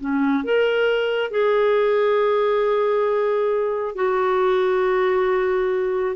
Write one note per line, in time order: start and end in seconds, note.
0.00 0.44 C#4
0.44 1.31 A#4
1.31 3.95 G#4
3.95 6.16 F#4